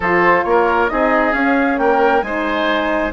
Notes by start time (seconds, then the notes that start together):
0.00 F3 F4 A4 C5
0.43 A#3 A#4 C#5
0.88 C4 D#4 G#4 D#5
1.32 C#4 F5
1.78 A#3 A#4 G5
2.21 G#3 D#4 C5 G#5